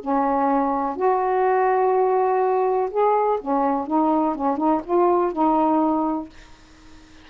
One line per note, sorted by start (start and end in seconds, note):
0.00 0.96 C#4
0.96 2.89 F#4
2.91 3.39 G#4
3.41 3.87 C#4
3.87 4.35 D#4
4.35 4.57 C#4
4.57 4.81 D#4
4.84 5.32 F4
5.32 6.29 D#4